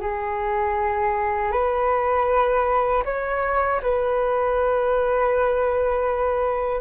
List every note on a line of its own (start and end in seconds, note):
0.00 1.52 G#4
1.52 3.03 B4
3.05 3.81 C#5
3.82 6.81 B4